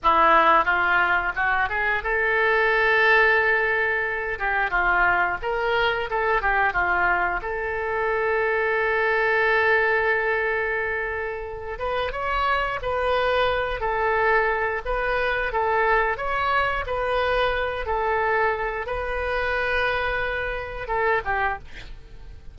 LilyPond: \new Staff \with { instrumentName = "oboe" } { \time 4/4 \tempo 4 = 89 e'4 f'4 fis'8 gis'8 a'4~ | a'2~ a'8 g'8 f'4 | ais'4 a'8 g'8 f'4 a'4~ | a'1~ |
a'4. b'8 cis''4 b'4~ | b'8 a'4. b'4 a'4 | cis''4 b'4. a'4. | b'2. a'8 g'8 | }